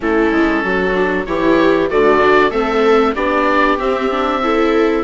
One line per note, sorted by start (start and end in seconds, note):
0.00 0.31 A3
0.00 0.93 C#4
0.00 0.63 E4
0.00 1.25 A4
0.31 0.63 G#3
0.63 1.26 F#3
0.63 1.27 F#4
0.94 1.25 D4
1.25 1.90 E3
1.25 1.90 E4
1.25 1.89 G4
1.25 1.88 C#5
1.89 2.50 D3
1.89 2.18 A3
1.89 2.50 F#4
1.89 2.51 D5
2.18 2.50 D4
2.50 3.13 A3
2.50 3.14 C4
2.50 3.13 A4
2.50 3.14 E5
3.15 3.78 B3
3.15 3.78 D4
3.15 4.41 G4
3.15 3.78 D5
3.78 4.10 C4
3.78 5.04 C4
3.78 5.04 E5
4.10 4.42 D4
4.42 5.04 E4
4.42 5.04 A4